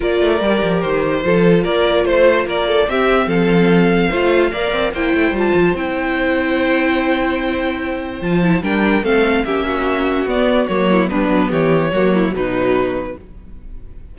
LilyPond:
<<
  \new Staff \with { instrumentName = "violin" } { \time 4/4 \tempo 4 = 146 d''2 c''2 | d''4 c''4 d''4 e''4 | f''1 | g''4 a''4 g''2~ |
g''1 | a''4 g''4 f''4 e''4~ | e''4 d''4 cis''4 b'4 | cis''2 b'2 | }
  \new Staff \with { instrumentName = "violin" } { \time 4/4 ais'2. a'4 | ais'4 c''4 ais'8 a'8 g'4 | a'2 c''4 d''4 | c''1~ |
c''1~ | c''4 ais'4 a'4 g'8 fis'8~ | fis'2~ fis'8 e'8 d'4 | g'4 fis'8 e'8 dis'2 | }
  \new Staff \with { instrumentName = "viola" } { \time 4/4 f'4 g'2 f'4~ | f'2. c'4~ | c'2 f'4 ais'4 | e'4 f'4 e'2~ |
e'1 | f'8 e'8 d'4 c'4 cis'4~ | cis'4 b4 ais4 b4~ | b4 ais4 fis2 | }
  \new Staff \with { instrumentName = "cello" } { \time 4/4 ais8 a8 g8 f8 dis4 f4 | ais4 a4 ais4 c'4 | f2 a4 ais8 c'8 | ais8 a8 g8 f8 c'2~ |
c'1 | f4 g4 a4 ais4~ | ais4 b4 fis4 g8 fis8 | e4 fis4 b,2 | }
>>